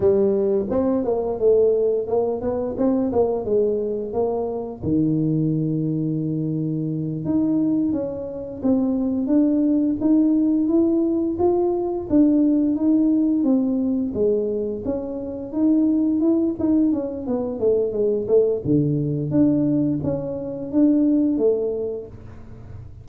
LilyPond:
\new Staff \with { instrumentName = "tuba" } { \time 4/4 \tempo 4 = 87 g4 c'8 ais8 a4 ais8 b8 | c'8 ais8 gis4 ais4 dis4~ | dis2~ dis8 dis'4 cis'8~ | cis'8 c'4 d'4 dis'4 e'8~ |
e'8 f'4 d'4 dis'4 c'8~ | c'8 gis4 cis'4 dis'4 e'8 | dis'8 cis'8 b8 a8 gis8 a8 d4 | d'4 cis'4 d'4 a4 | }